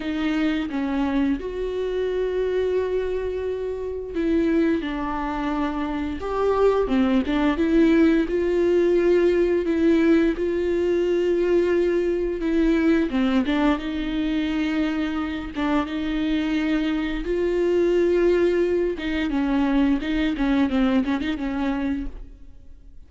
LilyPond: \new Staff \with { instrumentName = "viola" } { \time 4/4 \tempo 4 = 87 dis'4 cis'4 fis'2~ | fis'2 e'4 d'4~ | d'4 g'4 c'8 d'8 e'4 | f'2 e'4 f'4~ |
f'2 e'4 c'8 d'8 | dis'2~ dis'8 d'8 dis'4~ | dis'4 f'2~ f'8 dis'8 | cis'4 dis'8 cis'8 c'8 cis'16 dis'16 cis'4 | }